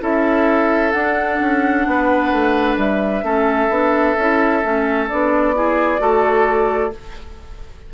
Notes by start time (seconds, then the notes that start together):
0.00 C#4 E4 A4 E5
0.91 D4 F#5
1.40 C#4
1.86 B3 B4
2.31 A3
2.77 G3 E5
3.22 A3 C#4 A4
3.68 B3 D4
4.17 C#4 E4
4.62 A3 C#4
5.08 B3 D4 D5
5.54 E4 G#4
5.98 A3 F#4 A4